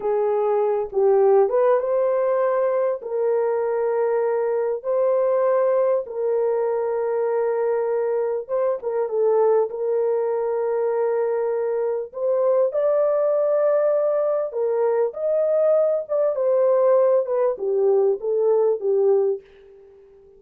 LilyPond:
\new Staff \with { instrumentName = "horn" } { \time 4/4 \tempo 4 = 99 gis'4. g'4 b'8 c''4~ | c''4 ais'2. | c''2 ais'2~ | ais'2 c''8 ais'8 a'4 |
ais'1 | c''4 d''2. | ais'4 dis''4. d''8 c''4~ | c''8 b'8 g'4 a'4 g'4 | }